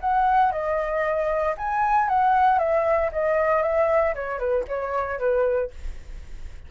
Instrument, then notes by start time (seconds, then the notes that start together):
flute
0.00 F#5
0.51 D#5
1.57 G#5
2.08 F#5
2.58 E5
3.12 D#5
3.62 E5
4.14 C#5
4.38 B4
4.68 C#5
5.18 B4